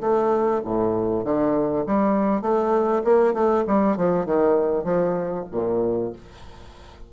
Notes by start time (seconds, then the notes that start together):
0.00 A3
0.65 A2
1.24 D3
1.86 G3
2.42 A3
3.04 A#3
3.33 A3
3.67 G3
3.97 F3
4.25 D#3
4.84 F3
5.52 A#2